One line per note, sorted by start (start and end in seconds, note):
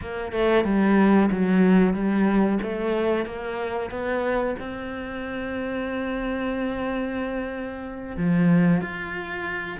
0.01 0.32 A#3
0.32 0.64 A3
0.64 1.29 G3
1.31 1.93 F#3
1.93 2.58 G3
2.62 3.25 A3
3.25 3.90 A#3
3.90 4.55 B3
4.59 8.17 C4
8.17 8.81 F3
8.81 9.79 F4